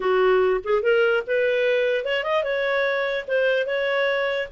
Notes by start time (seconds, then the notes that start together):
0.00 F#4
0.63 G#4
0.82 A#4
1.26 B4
2.04 C#5
2.23 D#5
2.43 C#5
3.27 C5
3.66 C#5